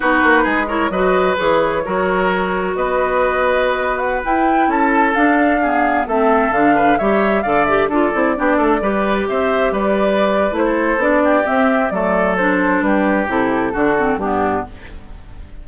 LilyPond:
<<
  \new Staff \with { instrumentName = "flute" } { \time 4/4 \tempo 4 = 131 b'4. cis''8 dis''4 cis''4~ | cis''2 dis''2~ | dis''8. fis''8 g''4 a''4 f''8.~ | f''4~ f''16 e''4 f''4 e''8.~ |
e''16 f''8 e''8 d''2~ d''8.~ | d''16 e''4 d''4.~ d''16 c''4 | d''4 e''4 d''4 c''4 | b'4 a'2 g'4 | }
  \new Staff \with { instrumentName = "oboe" } { \time 4/4 fis'4 gis'8 ais'8 b'2 | ais'2 b'2~ | b'2~ b'16 a'4.~ a'16~ | a'16 gis'4 a'4. b'8 cis''8.~ |
cis''16 d''4 a'4 g'8 a'8 b'8.~ | b'16 c''4 b'2 a'8.~ | a'8 g'4. a'2 | g'2 fis'4 d'4 | }
  \new Staff \with { instrumentName = "clarinet" } { \time 4/4 dis'4. e'8 fis'4 gis'4 | fis'1~ | fis'4~ fis'16 e'2 d'8.~ | d'16 b4 c'4 d'4 g'8.~ |
g'16 a'8 g'8 f'8 e'8 d'4 g'8.~ | g'2. e'4 | d'4 c'4 a4 d'4~ | d'4 e'4 d'8 c'8 b4 | }
  \new Staff \with { instrumentName = "bassoon" } { \time 4/4 b8 ais8 gis4 fis4 e4 | fis2 b2~ | b4~ b16 e'4 cis'4 d'8.~ | d'4~ d'16 a4 d4 g8.~ |
g16 d4 d'8 c'8 b8 a8 g8.~ | g16 c'4 g4.~ g16 a4 | b4 c'4 fis2 | g4 c4 d4 g,4 | }
>>